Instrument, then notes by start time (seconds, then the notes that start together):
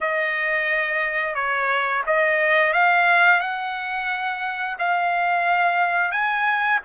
trumpet
0.00 D#5
1.35 C#5
2.06 D#5
2.73 F5
3.40 F#5
4.79 F5
6.11 G#5